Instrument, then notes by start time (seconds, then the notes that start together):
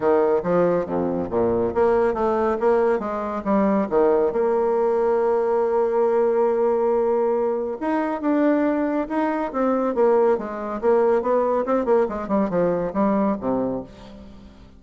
bassoon
0.00 D#3
0.43 F3
0.86 F2
1.30 A#2
1.74 A#3
2.14 A3
2.60 A#3
2.99 G#3
3.44 G3
3.89 D#3
4.32 A#3
7.80 D#4
8.21 D4
9.09 D#4
9.52 C4
9.94 A#3
10.37 G#3
10.81 A#3
11.22 B3
11.65 C4
11.85 A#3
12.09 G#3
12.28 G3
12.49 F3
12.93 G3
13.40 C3